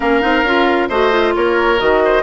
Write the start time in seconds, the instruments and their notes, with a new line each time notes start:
0.00 bassoon A#3, clarinet C#4, oboe A#4, flute F5
0.21 bassoon C4, clarinet D#4
0.43 bassoon C#4, clarinet F4
0.88 bassoon A3, clarinet F#4, oboe C5, flute D#5
1.11 clarinet F4
1.35 bassoon A#3, oboe A#4, flute C#5
1.78 bassoon D#3, clarinet F#4, flute D#5
2.05 oboe C5